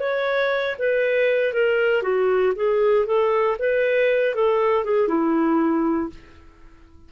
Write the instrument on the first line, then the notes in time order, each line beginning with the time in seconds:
clarinet
0.00 C#5
0.79 B4
1.53 A#4
2.03 F#4
2.56 G#4
3.06 A4
3.59 B4
4.35 A4
4.85 G#4
5.08 E4